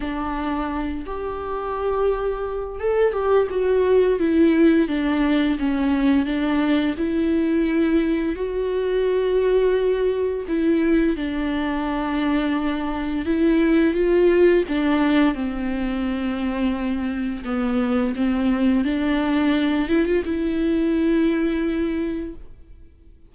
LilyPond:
\new Staff \with { instrumentName = "viola" } { \time 4/4 \tempo 4 = 86 d'4. g'2~ g'8 | a'8 g'8 fis'4 e'4 d'4 | cis'4 d'4 e'2 | fis'2. e'4 |
d'2. e'4 | f'4 d'4 c'2~ | c'4 b4 c'4 d'4~ | d'8 e'16 f'16 e'2. | }